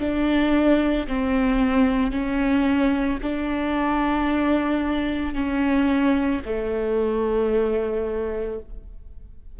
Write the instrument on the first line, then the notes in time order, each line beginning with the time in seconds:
viola
0.00 D4
1.08 C4
2.12 C#4
3.23 D4
5.34 C#4
6.45 A3